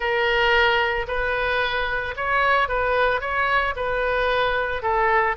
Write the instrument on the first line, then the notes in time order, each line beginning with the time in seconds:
oboe
0.00 A#4
1.07 B4
2.16 C#5
2.68 B4
3.20 C#5
3.75 B4
4.82 A4